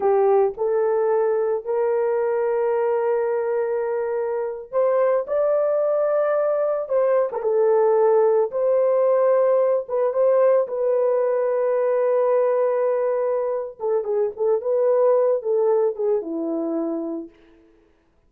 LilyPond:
\new Staff \with { instrumentName = "horn" } { \time 4/4 \tempo 4 = 111 g'4 a'2 ais'4~ | ais'1~ | ais'8. c''4 d''2~ d''16~ | d''8. c''8. ais'16 a'2 c''16~ |
c''2~ c''16 b'8 c''4 b'16~ | b'1~ | b'4. a'8 gis'8 a'8 b'4~ | b'8 a'4 gis'8 e'2 | }